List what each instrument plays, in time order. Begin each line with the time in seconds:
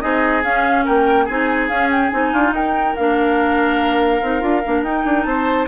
0.00 bassoon C4, clarinet D#4, oboe G#4, flute D#5
0.43 clarinet C#4, bassoon C#4, flute F5
0.84 bassoon A#3, oboe A#4, flute G5
1.24 bassoon C4, clarinet D#4, oboe G#4, flute G#5
1.68 bassoon C#4, clarinet C#4, flute F5
1.90 flute G5
2.09 bassoon C4, clarinet D#4, flute G#5
2.33 bassoon D4, oboe F4
2.51 bassoon D#4, oboe A#4, flute G5
2.95 bassoon A#3, clarinet D4, flute F5
4.21 bassoon C4, clarinet D#4
4.40 bassoon D4, clarinet F4
4.65 bassoon A#3, clarinet D4
4.82 bassoon D#4, clarinet D#4, flute G5
5.04 bassoon D4
5.23 bassoon C4, oboe C5, flute A5